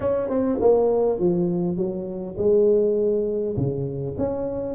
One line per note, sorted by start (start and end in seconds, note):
0.00 0.29 C#4
0.29 0.59 C4
0.60 1.19 A#3
1.19 1.76 F3
1.76 2.36 F#3
2.37 3.56 G#3
3.56 4.16 C#3
4.17 4.75 C#4